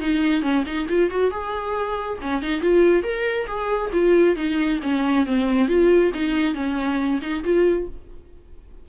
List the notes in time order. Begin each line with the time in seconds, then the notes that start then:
0.00 D#4
0.42 C#4
0.66 D#4
0.89 F4
1.10 F#4
1.31 G#4
2.21 C#4
2.42 D#4
2.61 F4
3.03 A#4
3.47 G#4
3.93 F4
4.36 D#4
4.82 C#4
5.26 C4
5.68 F4
6.14 D#4
6.54 C#4
7.21 D#4
7.44 F4